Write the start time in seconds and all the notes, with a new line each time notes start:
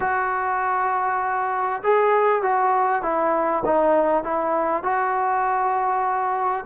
0.00 F#4
1.83 G#4
2.42 F#4
3.02 E4
3.65 D#4
4.23 E4
4.83 F#4